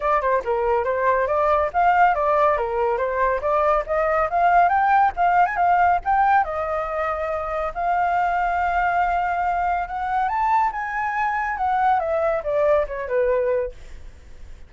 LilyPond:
\new Staff \with { instrumentName = "flute" } { \time 4/4 \tempo 4 = 140 d''8 c''8 ais'4 c''4 d''4 | f''4 d''4 ais'4 c''4 | d''4 dis''4 f''4 g''4 | f''8. gis''16 f''4 g''4 dis''4~ |
dis''2 f''2~ | f''2. fis''4 | a''4 gis''2 fis''4 | e''4 d''4 cis''8 b'4. | }